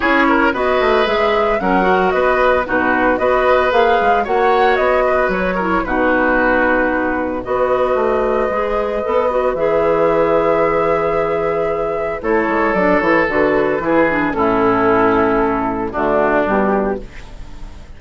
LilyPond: <<
  \new Staff \with { instrumentName = "flute" } { \time 4/4 \tempo 4 = 113 cis''4 dis''4 e''4 fis''4 | dis''4 b'4 dis''4 f''4 | fis''4 dis''4 cis''4 b'4~ | b'2 dis''2~ |
dis''2 e''2~ | e''2. cis''4 | d''8 cis''8 b'2 a'4~ | a'2 fis'4 g'4 | }
  \new Staff \with { instrumentName = "oboe" } { \time 4/4 gis'8 ais'8 b'2 ais'4 | b'4 fis'4 b'2 | cis''4. b'4 ais'8 fis'4~ | fis'2 b'2~ |
b'1~ | b'2. a'4~ | a'2 gis'4 e'4~ | e'2 d'2 | }
  \new Staff \with { instrumentName = "clarinet" } { \time 4/4 e'4 fis'4 gis'4 cis'8 fis'8~ | fis'4 dis'4 fis'4 gis'4 | fis'2~ fis'8 e'8 dis'4~ | dis'2 fis'2 |
gis'4 a'8 fis'8 gis'2~ | gis'2. e'4 | d'8 e'8 fis'4 e'8 d'8 cis'4~ | cis'2 a4 g4 | }
  \new Staff \with { instrumentName = "bassoon" } { \time 4/4 cis'4 b8 a8 gis4 fis4 | b4 b,4 b4 ais8 gis8 | ais4 b4 fis4 b,4~ | b,2 b4 a4 |
gis4 b4 e2~ | e2. a8 gis8 | fis8 e8 d4 e4 a,4~ | a,2 d4 b,4 | }
>>